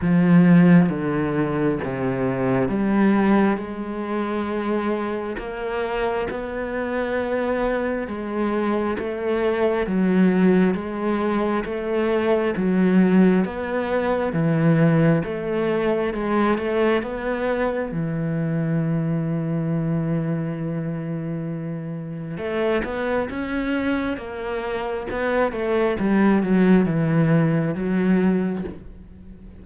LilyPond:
\new Staff \with { instrumentName = "cello" } { \time 4/4 \tempo 4 = 67 f4 d4 c4 g4 | gis2 ais4 b4~ | b4 gis4 a4 fis4 | gis4 a4 fis4 b4 |
e4 a4 gis8 a8 b4 | e1~ | e4 a8 b8 cis'4 ais4 | b8 a8 g8 fis8 e4 fis4 | }